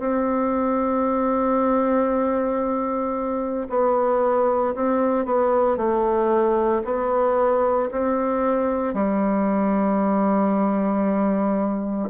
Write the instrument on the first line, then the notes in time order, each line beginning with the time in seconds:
bassoon
0.00 C4
3.70 B3
4.75 C4
5.26 B3
5.77 A3
6.85 B3
7.92 C4
8.94 G3